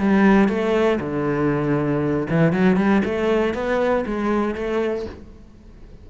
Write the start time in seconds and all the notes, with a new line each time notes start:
0.00 G3
0.49 A3
1.01 D3
2.30 E3
2.53 F#3
2.77 G3
3.05 A3
3.55 B3
4.06 G#3
4.55 A3